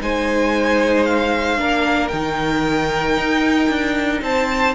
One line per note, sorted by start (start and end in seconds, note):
0.00 1.59 G#3
0.00 1.57 D#4
0.00 1.59 C5
0.00 1.04 G#5
1.04 2.08 F5
1.57 2.11 A#3
1.57 2.10 D4
1.57 4.22 A#4
2.08 3.17 D#3
2.08 4.74 D#4
2.08 4.18 G5
3.17 3.69 D#4
3.69 4.21 D4
4.21 4.74 C4
4.21 4.74 C5
4.21 4.74 A5